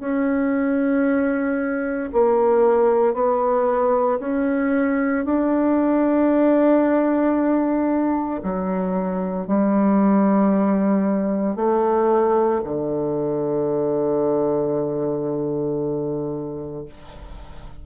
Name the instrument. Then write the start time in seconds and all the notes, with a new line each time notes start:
bassoon
0.00 C#4
2.13 A#3
3.14 B3
4.20 C#4
5.25 D4
8.43 F#3
9.47 G3
11.56 A3
12.65 D3